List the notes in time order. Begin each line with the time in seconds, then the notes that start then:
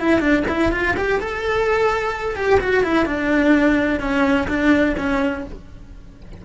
0.00 E4
0.20 D4
0.48 E4
0.72 F4
0.97 G4
1.20 A4
2.36 G4
2.60 F#4
2.83 E4
3.06 D4
4.00 C#4
4.48 D4
4.98 C#4